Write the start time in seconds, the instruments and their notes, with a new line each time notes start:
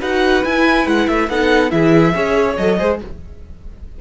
0.00 cello D#4, viola F#4, violin B4 F#5
0.44 cello E4, viola E4, violin G#5
0.86 cello G#3, violin F#5
1.08 cello A3, violin E5
1.29 cello B3, viola D#4, violin A4 F#5
1.71 cello E3, viola E4, violin G#4 E5
2.14 cello C#4, viola G#4, violin C#5
2.56 cello F#3, viola A4, violin D#5
2.78 cello G#3, viola G#4, violin C5